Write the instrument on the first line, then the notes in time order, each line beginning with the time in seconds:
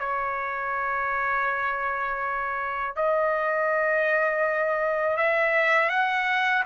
trumpet
0.00 C#5
2.96 D#5
5.17 E5
5.90 F#5